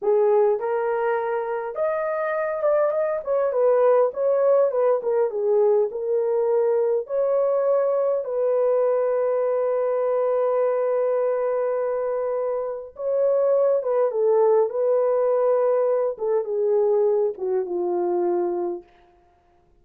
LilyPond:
\new Staff \with { instrumentName = "horn" } { \time 4/4 \tempo 4 = 102 gis'4 ais'2 dis''4~ | dis''8 d''8 dis''8 cis''8 b'4 cis''4 | b'8 ais'8 gis'4 ais'2 | cis''2 b'2~ |
b'1~ | b'2 cis''4. b'8 | a'4 b'2~ b'8 a'8 | gis'4. fis'8 f'2 | }